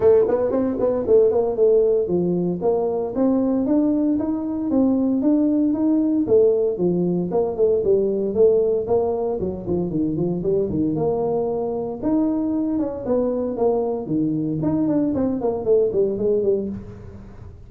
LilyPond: \new Staff \with { instrumentName = "tuba" } { \time 4/4 \tempo 4 = 115 a8 b8 c'8 b8 a8 ais8 a4 | f4 ais4 c'4 d'4 | dis'4 c'4 d'4 dis'4 | a4 f4 ais8 a8 g4 |
a4 ais4 fis8 f8 dis8 f8 | g8 dis8 ais2 dis'4~ | dis'8 cis'8 b4 ais4 dis4 | dis'8 d'8 c'8 ais8 a8 g8 gis8 g8 | }